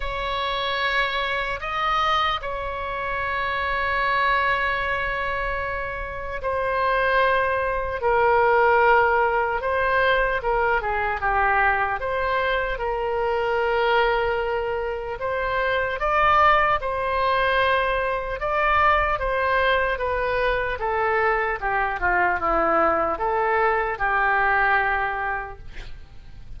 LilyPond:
\new Staff \with { instrumentName = "oboe" } { \time 4/4 \tempo 4 = 75 cis''2 dis''4 cis''4~ | cis''1 | c''2 ais'2 | c''4 ais'8 gis'8 g'4 c''4 |
ais'2. c''4 | d''4 c''2 d''4 | c''4 b'4 a'4 g'8 f'8 | e'4 a'4 g'2 | }